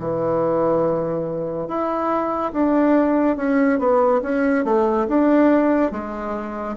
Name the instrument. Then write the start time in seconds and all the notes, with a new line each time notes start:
bassoon
0.00 E3
1.68 E4
2.53 D4
3.37 C#4
3.80 B3
4.23 C#4
4.65 A3
5.09 D4
5.92 G#3